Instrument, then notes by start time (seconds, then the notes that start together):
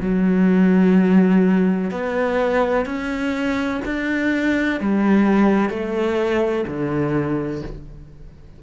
cello
0.00 F#3
1.91 B3
2.86 C#4
3.85 D4
4.80 G3
5.69 A3
6.67 D3